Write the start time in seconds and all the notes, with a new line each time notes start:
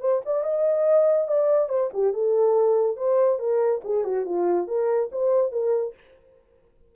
0.00 C5
0.25 D5
0.43 D#5
1.27 D5
1.69 C5
1.93 G4
2.13 A4
2.96 C5
3.39 A#4
3.84 G#4
4.04 F#4
4.25 F4
4.67 A#4
5.12 C5
5.52 A#4